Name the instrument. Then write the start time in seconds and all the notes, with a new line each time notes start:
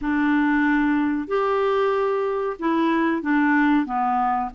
clarinet
0.01 D4
1.27 G4
2.59 E4
3.22 D4
3.85 B3